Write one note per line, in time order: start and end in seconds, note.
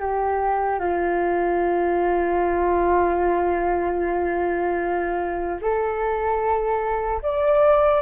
0.00 0.80 G4
0.80 5.60 F4
5.62 7.22 A4
7.23 8.02 D5